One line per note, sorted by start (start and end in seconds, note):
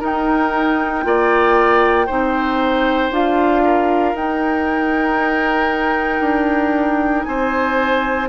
0.00 1.03 D#4
0.00 1.05 D#4
0.00 1.04 A#4
0.00 3.13 G5
1.03 2.09 A#3
1.03 2.07 F4
1.03 2.07 D5
2.07 3.11 C4
2.07 3.12 D#4
2.07 3.62 C5
3.11 4.14 D4
3.11 4.16 F4
3.11 4.16 F5
3.65 7.27 A#4
4.14 6.21 D#4
4.14 8.30 D#4
4.14 7.24 G5
6.21 7.24 D4
7.24 8.30 C4
7.24 8.30 C5
7.24 8.27 G#5